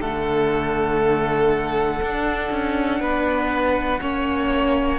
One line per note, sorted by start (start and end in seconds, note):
0.00 2.00 D3
0.00 2.02 A3
0.00 3.00 A4
0.00 4.99 F#5
2.02 2.51 D4
2.02 4.01 D4
2.51 3.00 C#4
3.00 4.00 B3
3.00 4.00 B4
4.01 4.99 A#3
4.01 4.99 C#4
4.01 4.99 C#5